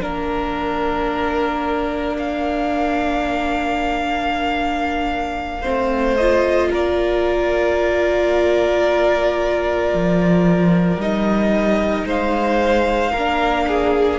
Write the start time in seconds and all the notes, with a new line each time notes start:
0.00 A#3 D4 A#4
2.17 F5
5.61 C4 C5
5.67 A3
6.16 F4 D#5
6.71 A#3 A#4 D5
9.94 F3
10.97 G3 D#4 D#5
12.05 G#3 C5 F5
13.11 A#3 A#4
13.18 D4
13.67 G#4